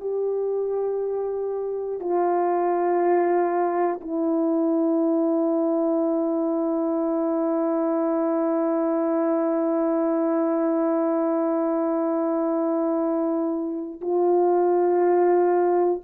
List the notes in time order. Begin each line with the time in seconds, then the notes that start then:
0.00 G4
2.00 F4
4.00 E4
14.01 F4